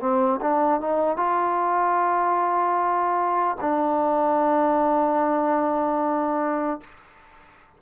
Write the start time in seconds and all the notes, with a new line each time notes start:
0.00 C4
0.41 D4
0.81 D#4
1.17 F4
3.61 D4